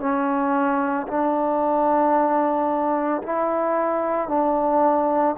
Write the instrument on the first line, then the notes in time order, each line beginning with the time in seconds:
trombone
0.00 C#4
1.08 D4
3.23 E4
4.29 D4